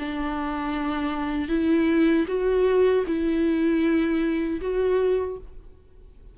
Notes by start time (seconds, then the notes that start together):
0.00 D4
1.49 E4
2.28 F#4
3.07 E4
4.61 F#4